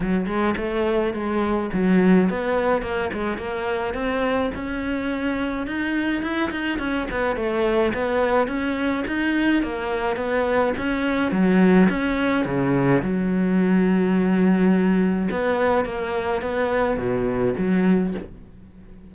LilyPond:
\new Staff \with { instrumentName = "cello" } { \time 4/4 \tempo 4 = 106 fis8 gis8 a4 gis4 fis4 | b4 ais8 gis8 ais4 c'4 | cis'2 dis'4 e'8 dis'8 | cis'8 b8 a4 b4 cis'4 |
dis'4 ais4 b4 cis'4 | fis4 cis'4 cis4 fis4~ | fis2. b4 | ais4 b4 b,4 fis4 | }